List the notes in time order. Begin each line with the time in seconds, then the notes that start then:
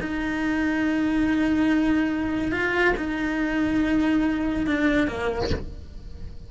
0.00 D#4
2.51 F4
2.97 D#4
4.66 D4
5.07 A#3